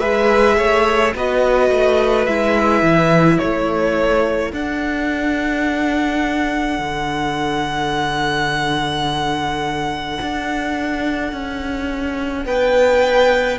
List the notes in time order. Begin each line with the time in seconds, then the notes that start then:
0.00 G#3 G#4 B4 E5
0.58 A3 C#5
1.15 B3 F#4 B4 D#5
1.70 A3
2.26 G#3 E4 E5
2.82 E3
3.38 A3 A4 C#5
4.53 D4 F#5
6.79 D3
10.22 D4
11.32 C#4
12.46 B3 B4 G5